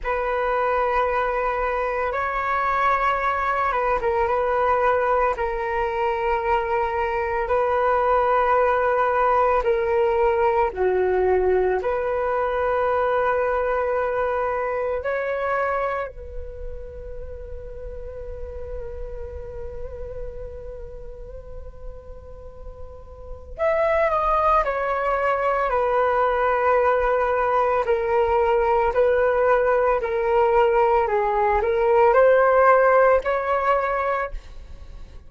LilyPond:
\new Staff \with { instrumentName = "flute" } { \time 4/4 \tempo 4 = 56 b'2 cis''4. b'16 ais'16 | b'4 ais'2 b'4~ | b'4 ais'4 fis'4 b'4~ | b'2 cis''4 b'4~ |
b'1~ | b'2 e''8 dis''8 cis''4 | b'2 ais'4 b'4 | ais'4 gis'8 ais'8 c''4 cis''4 | }